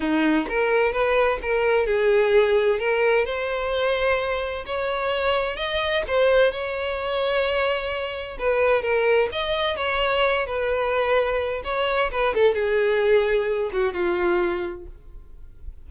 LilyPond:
\new Staff \with { instrumentName = "violin" } { \time 4/4 \tempo 4 = 129 dis'4 ais'4 b'4 ais'4 | gis'2 ais'4 c''4~ | c''2 cis''2 | dis''4 c''4 cis''2~ |
cis''2 b'4 ais'4 | dis''4 cis''4. b'4.~ | b'4 cis''4 b'8 a'8 gis'4~ | gis'4. fis'8 f'2 | }